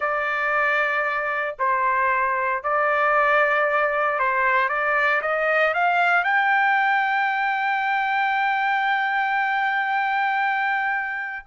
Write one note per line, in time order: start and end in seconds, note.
0.00 1.56 D5
1.59 2.63 C5
2.63 4.19 D5
4.19 4.68 C5
4.68 5.21 D5
5.21 5.73 D#5
5.74 6.23 F5
6.23 11.45 G5